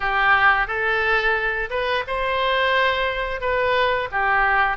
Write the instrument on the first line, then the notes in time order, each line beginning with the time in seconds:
oboe
0.00 G4
0.67 A4
1.70 B4
2.07 C5
3.40 B4
4.11 G4